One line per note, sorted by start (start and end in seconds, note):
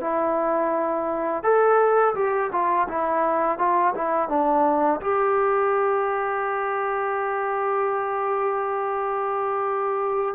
0.00 1.43 E4
1.43 2.14 A4
2.15 2.50 G4
2.52 2.87 F4
2.88 3.58 E4
3.58 3.94 F4
3.94 4.29 E4
4.29 5.00 D4
5.00 10.35 G4